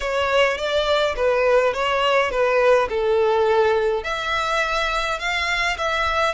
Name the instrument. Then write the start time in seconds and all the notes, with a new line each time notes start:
violin
0.00 C#5
0.57 D5
1.16 B4
1.73 C#5
2.30 B4
2.89 A4
4.03 E5
5.19 F5
5.77 E5